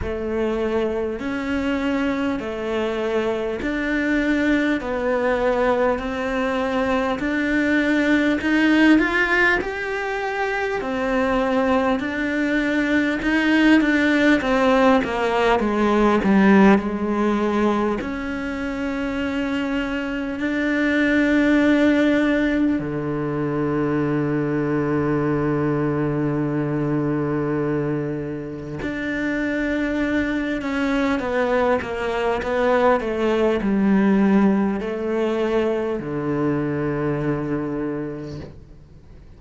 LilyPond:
\new Staff \with { instrumentName = "cello" } { \time 4/4 \tempo 4 = 50 a4 cis'4 a4 d'4 | b4 c'4 d'4 dis'8 f'8 | g'4 c'4 d'4 dis'8 d'8 | c'8 ais8 gis8 g8 gis4 cis'4~ |
cis'4 d'2 d4~ | d1 | d'4. cis'8 b8 ais8 b8 a8 | g4 a4 d2 | }